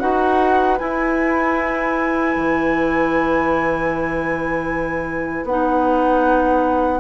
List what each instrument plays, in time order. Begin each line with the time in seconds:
0.00 bassoon D#4, clarinet F#4, oboe B4, flute F#5
0.79 clarinet E4, bassoon E4, flute G#5
2.37 bassoon E3
5.44 bassoon B3, clarinet D#4, flute F#5